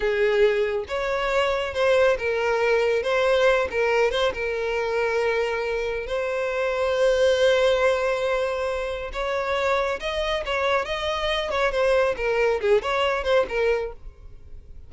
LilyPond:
\new Staff \with { instrumentName = "violin" } { \time 4/4 \tempo 4 = 138 gis'2 cis''2 | c''4 ais'2 c''4~ | c''8 ais'4 c''8 ais'2~ | ais'2 c''2~ |
c''1~ | c''4 cis''2 dis''4 | cis''4 dis''4. cis''8 c''4 | ais'4 gis'8 cis''4 c''8 ais'4 | }